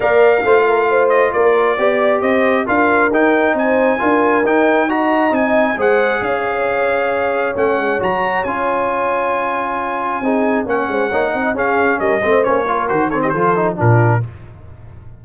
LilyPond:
<<
  \new Staff \with { instrumentName = "trumpet" } { \time 4/4 \tempo 4 = 135 f''2~ f''8 dis''8 d''4~ | d''4 dis''4 f''4 g''4 | gis''2 g''4 ais''4 | gis''4 fis''4 f''2~ |
f''4 fis''4 ais''4 gis''4~ | gis''1 | fis''2 f''4 dis''4 | cis''4 c''8 cis''16 dis''16 c''4 ais'4 | }
  \new Staff \with { instrumentName = "horn" } { \time 4/4 d''4 c''8 ais'8 c''4 ais'4 | d''4 c''4 ais'2 | c''4 ais'2 dis''4~ | dis''4 c''4 cis''2~ |
cis''1~ | cis''2. gis'4 | cis''8 c''8 cis''8 dis''8 gis'4 ais'8 c''8~ | c''8 ais'4 a'16 g'16 a'4 f'4 | }
  \new Staff \with { instrumentName = "trombone" } { \time 4/4 ais'4 f'2. | g'2 f'4 dis'4~ | dis'4 f'4 dis'4 fis'4 | dis'4 gis'2.~ |
gis'4 cis'4 fis'4 f'4~ | f'2. dis'4 | cis'4 dis'4 cis'4. c'8 | cis'8 f'8 fis'8 c'8 f'8 dis'8 d'4 | }
  \new Staff \with { instrumentName = "tuba" } { \time 4/4 ais4 a2 ais4 | b4 c'4 d'4 dis'4 | c'4 d'4 dis'2 | c'4 gis4 cis'2~ |
cis'4 a8 gis8 fis4 cis'4~ | cis'2. c'4 | ais8 gis8 ais8 c'8 cis'4 g8 a8 | ais4 dis4 f4 ais,4 | }
>>